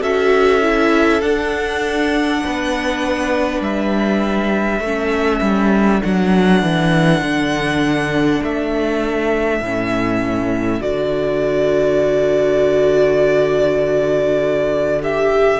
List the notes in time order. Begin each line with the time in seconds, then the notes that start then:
0.00 C#4 F#4 A4 E5
0.62 E4
1.22 D4 F#5
2.45 B3 B4
3.61 G3 E5
4.80 A3 C#4 A4
5.42 G3
6.03 F#3 D4 F#5
6.63 E3
7.21 D3
8.44 A3 E5
9.61 A2 C#4
10.81 D3 F#4 D5
15.02 G4 E5